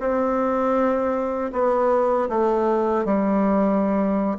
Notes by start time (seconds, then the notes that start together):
0.00 C4
1.53 B3
2.29 A3
3.05 G3